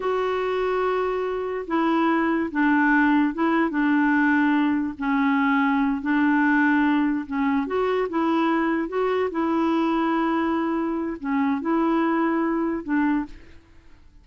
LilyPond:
\new Staff \with { instrumentName = "clarinet" } { \time 4/4 \tempo 4 = 145 fis'1 | e'2 d'2 | e'4 d'2. | cis'2~ cis'8 d'4.~ |
d'4. cis'4 fis'4 e'8~ | e'4. fis'4 e'4.~ | e'2. cis'4 | e'2. d'4 | }